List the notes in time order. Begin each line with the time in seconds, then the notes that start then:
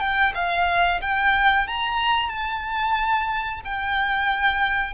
0.00 G5
0.35 F5
1.01 G5
1.68 A#5
2.29 A5
3.65 G5